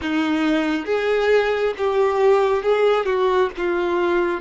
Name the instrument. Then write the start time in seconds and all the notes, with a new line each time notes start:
violin
0.01 D#4
0.85 G#4
1.77 G4
2.62 G#4
3.05 F#4
3.57 F4